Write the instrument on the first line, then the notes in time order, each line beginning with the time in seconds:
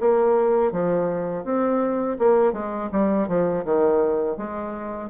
bassoon
0.00 A#3
0.72 F3
1.44 C4
2.19 A#3
2.53 G#3
2.92 G3
3.28 F3
3.65 D#3
4.37 G#3